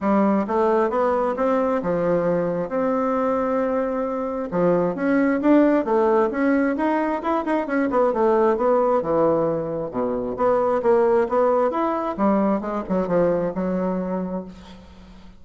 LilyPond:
\new Staff \with { instrumentName = "bassoon" } { \time 4/4 \tempo 4 = 133 g4 a4 b4 c'4 | f2 c'2~ | c'2 f4 cis'4 | d'4 a4 cis'4 dis'4 |
e'8 dis'8 cis'8 b8 a4 b4 | e2 b,4 b4 | ais4 b4 e'4 g4 | gis8 fis8 f4 fis2 | }